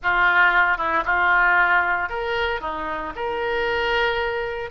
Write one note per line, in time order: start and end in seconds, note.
0.03 0.77 F4
0.77 1.03 E4
1.05 2.09 F4
2.09 2.61 A#4
2.61 3.13 D#4
3.15 4.70 A#4